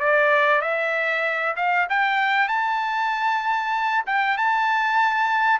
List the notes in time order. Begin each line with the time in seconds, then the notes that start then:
0.00 D5
0.62 E5
1.56 F5
1.89 G5
2.48 A5
4.06 G5
4.37 A5